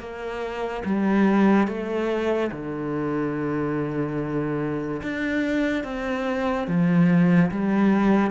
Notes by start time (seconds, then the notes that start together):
0.00 A#3
0.86 G3
1.68 A3
2.52 D3
5.03 D4
5.84 C4
6.68 F3
7.52 G3